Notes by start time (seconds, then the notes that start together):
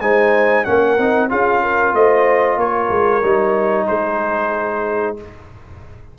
0.00 G#3 D#4 C5 G#5
0.64 A#3 C#4 A#4 F#5
0.98 C4 D#4
1.29 C#4 F4 G#4 F5
1.62 A#4
1.93 A3 C5 D#5
2.57 A#3 A#4 C#5
2.90 G#3
3.23 G3 D#4
3.87 G#3 G#4 C5